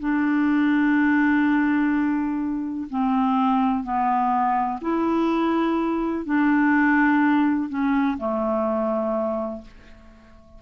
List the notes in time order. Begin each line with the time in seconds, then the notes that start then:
0.00 D4
2.90 C4
3.84 B3
4.82 E4
6.26 D4
7.70 C#4
8.18 A3